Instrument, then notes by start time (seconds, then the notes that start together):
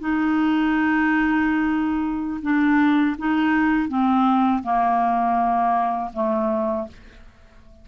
clarinet
0.00 D#4
2.42 D4
3.19 D#4
3.89 C4
4.63 A#3
6.14 A3